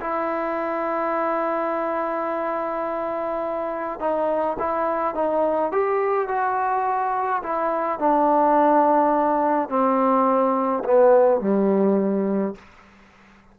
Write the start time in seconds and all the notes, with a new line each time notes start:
0.00 E4
4.00 D#4
4.59 E4
5.15 D#4
5.72 G4
6.28 F#4
7.43 E4
7.99 D4
9.69 C4
10.84 B3
11.41 G3